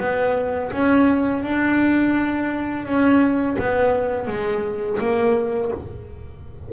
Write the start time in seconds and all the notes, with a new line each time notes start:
0.00 B3
0.72 C#4
1.44 D4
2.86 C#4
3.59 B3
4.27 G#3
5.00 A#3